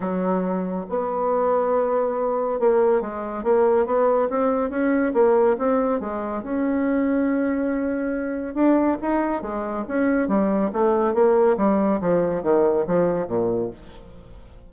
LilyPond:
\new Staff \with { instrumentName = "bassoon" } { \time 4/4 \tempo 4 = 140 fis2 b2~ | b2 ais4 gis4 | ais4 b4 c'4 cis'4 | ais4 c'4 gis4 cis'4~ |
cis'1 | d'4 dis'4 gis4 cis'4 | g4 a4 ais4 g4 | f4 dis4 f4 ais,4 | }